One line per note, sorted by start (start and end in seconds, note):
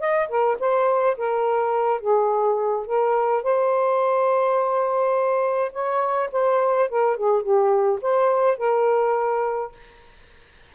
0.00 0.29 D#5
0.29 0.57 A#4
0.60 1.17 C5
1.17 2.00 A#4
2.00 2.86 G#4
2.86 3.43 A#4
3.43 5.72 C5
5.72 6.30 C#5
6.32 6.89 C5
6.89 7.17 A#4
7.17 7.42 G#4
7.42 7.99 G4
8.02 8.58 C5
8.58 9.72 A#4